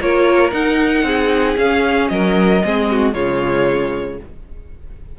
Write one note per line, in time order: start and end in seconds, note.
0.00 0.52 A#3
0.00 0.51 F4
0.00 1.05 A#4
0.00 0.51 C#5
0.51 1.56 D#4
0.51 1.03 D#4
0.51 1.56 F#5
1.03 1.55 C4
1.03 2.11 G#4
1.56 2.62 C#4
1.56 2.10 C#4
1.56 2.08 F5
2.08 2.63 F#3
2.08 2.64 A#4
2.08 3.13 D#5
2.64 3.14 G#3
2.64 3.13 C4
2.64 2.91 G#4
2.91 3.14 F#4
3.13 4.19 C#3
3.13 4.19 G#3
3.13 4.19 F4
3.13 4.18 C#5